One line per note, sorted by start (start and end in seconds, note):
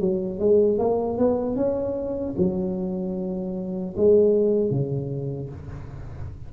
0.00 0.39 F#3
0.39 0.78 G#3
0.78 1.18 A#3
1.18 1.56 B3
1.56 2.35 C#4
2.37 3.95 F#3
3.97 4.70 G#3
4.70 5.49 C#3